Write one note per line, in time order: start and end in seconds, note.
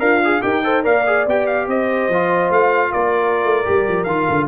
0.00 0.42 D4
0.00 0.43 F4
0.00 0.21 A#4
0.00 0.42 F5
0.25 0.42 G#4
0.42 0.86 D#4
0.42 0.63 G4
0.42 0.64 A#4
0.42 0.84 G5
0.64 0.84 A4
0.64 0.84 C5
0.84 1.27 A#3
0.84 1.05 A#4
0.84 1.68 D5
0.84 1.27 F5
1.07 1.28 G#4
1.27 1.68 B3
1.27 2.13 G4
1.27 1.47 G5
1.47 1.68 F5
1.68 2.09 C4
1.68 2.92 C5
1.68 2.53 D#5
2.09 2.51 F3
2.09 3.65 F4
2.51 2.93 A3
2.51 2.93 F5
2.92 3.45 A#3
2.92 4.48 A#4
2.92 4.04 D5
3.45 3.66 A3
3.65 3.88 G3
3.65 4.07 G4
3.88 4.07 F3
4.04 4.27 D#3
4.04 4.49 F4
4.04 4.46 F5
4.29 4.49 D3